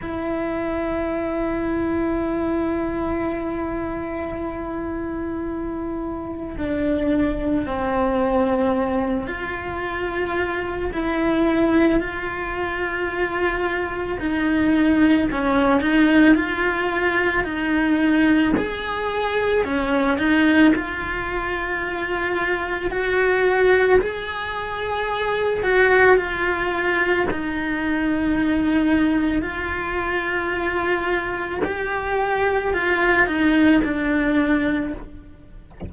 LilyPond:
\new Staff \with { instrumentName = "cello" } { \time 4/4 \tempo 4 = 55 e'1~ | e'2 d'4 c'4~ | c'8 f'4. e'4 f'4~ | f'4 dis'4 cis'8 dis'8 f'4 |
dis'4 gis'4 cis'8 dis'8 f'4~ | f'4 fis'4 gis'4. fis'8 | f'4 dis'2 f'4~ | f'4 g'4 f'8 dis'8 d'4 | }